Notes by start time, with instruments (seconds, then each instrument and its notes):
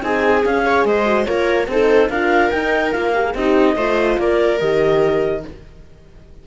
0.00 cello C4, horn D#4, viola G#4, clarinet G#5
0.44 horn C#4, cello C#4, clarinet F5
0.63 horn G#4, viola C#5
0.84 cello G#3, viola C5, clarinet D#5
1.06 horn F#4
1.25 cello A#3, horn F4, viola A#4, clarinet C#5
1.67 cello C4, horn D#4, viola A4, clarinet C5
2.09 cello D4, horn F4, viola A#4, clarinet F5
2.50 cello D#4, horn D#4, clarinet G5
2.92 cello A#3, horn F4, clarinet F5
3.14 horn G4
3.23 horn G#4
3.34 cello C4, viola D#4, horn G4, clarinet D#5
3.75 cello A3, horn F4, viola C5
4.17 cello A#3, viola A#4, clarinet D5
4.59 cello D#3, horn G4, clarinet D#5